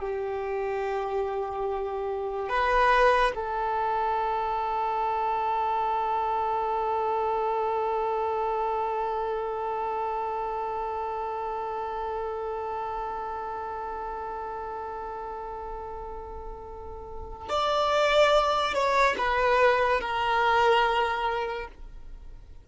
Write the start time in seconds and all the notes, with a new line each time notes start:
0.00 G4
2.49 B4
3.35 A4
17.49 D5
18.74 C#5
19.18 B4
20.01 A#4